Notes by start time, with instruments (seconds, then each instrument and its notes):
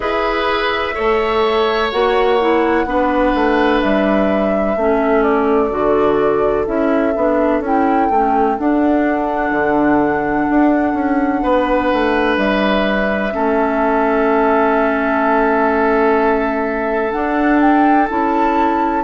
0.00 bassoon E4, clarinet G#4, oboe B4, flute E5
0.93 bassoon A3, clarinet A4, oboe C#5
1.91 bassoon A#3, clarinet F#4, flute F#5
2.39 clarinet E4
2.85 bassoon B3, clarinet D4, oboe B4
3.34 bassoon A3
3.81 bassoon G3, flute E5
4.76 bassoon A3, clarinet C#4, oboe A4
5.22 flute D5
5.70 bassoon D3, clarinet F#4
6.65 bassoon C#4, clarinet E4, flute E5
7.15 bassoon B3, clarinet D4
7.60 bassoon C#4, clarinet E4, flute G5
8.10 bassoon A3, clarinet C#4
8.58 clarinet D4, bassoon D4, flute F#5
9.51 bassoon D3
10.49 bassoon D4
10.93 bassoon C#4
11.42 bassoon B3, oboe B4
11.93 bassoon A3
12.36 bassoon G3, flute E5
13.31 bassoon A3, clarinet C#4, oboe A4
17.11 clarinet D4, bassoon D4, flute F#5
17.60 flute G5
18.09 bassoon C#4, clarinet E4, flute A5